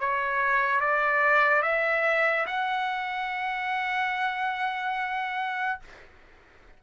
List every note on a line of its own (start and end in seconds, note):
0.00 0.81 C#5
0.81 1.62 D5
1.62 2.46 E5
2.46 5.80 F#5